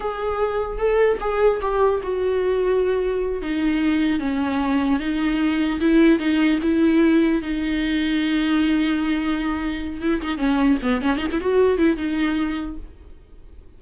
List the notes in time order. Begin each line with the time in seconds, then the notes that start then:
0.00 G#4
0.78 A4
1.20 G#4
1.61 G4
2.02 F#4
3.42 D#4
4.19 C#4
4.99 D#4
5.80 E4
6.19 D#4
6.62 E4
7.42 D#4
10.01 E4
10.21 D#4
10.37 C#4
10.82 B3
11.01 C#4
11.17 D#4
11.31 E4
11.40 F#4
11.77 E4
11.96 D#4